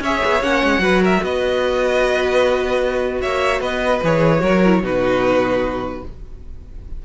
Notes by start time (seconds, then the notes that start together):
0.00 C#4 C#5 E5
0.06 G#4
0.25 B3
0.43 A#3 C#4 F#5
0.64 G#3
0.79 F#3 F#4 B4
1.02 A#4 E5
1.23 B3 B4 D#5
3.21 A#3 C#5 E5
3.61 B3 B4 D#5
4.04 E3 G#4 C#5
4.39 F#3 F#4 A#4
4.65 E4
4.83 B2 D#4 F#4 B4